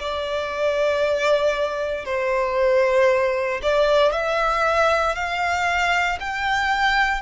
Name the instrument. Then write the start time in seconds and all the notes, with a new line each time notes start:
violin
0.00 D5
2.05 C5
3.63 D5
4.12 E5
5.15 F5
6.20 G5